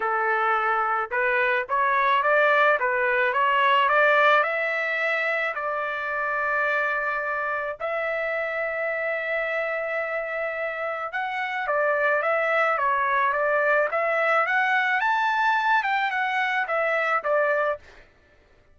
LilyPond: \new Staff \with { instrumentName = "trumpet" } { \time 4/4 \tempo 4 = 108 a'2 b'4 cis''4 | d''4 b'4 cis''4 d''4 | e''2 d''2~ | d''2 e''2~ |
e''1 | fis''4 d''4 e''4 cis''4 | d''4 e''4 fis''4 a''4~ | a''8 g''8 fis''4 e''4 d''4 | }